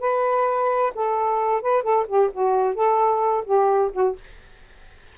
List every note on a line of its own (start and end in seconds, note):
0.00 0.93 B4
0.95 1.62 A4
1.62 1.83 B4
1.83 2.06 A4
2.07 2.31 G4
2.33 2.75 F#4
2.75 3.45 A4
3.45 3.91 G4
3.93 4.16 F#4